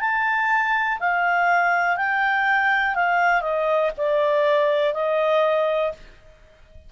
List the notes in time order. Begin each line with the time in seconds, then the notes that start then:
0.00 A5
0.99 F5
1.96 G5
2.95 F5
3.41 D#5
3.97 D5
4.94 D#5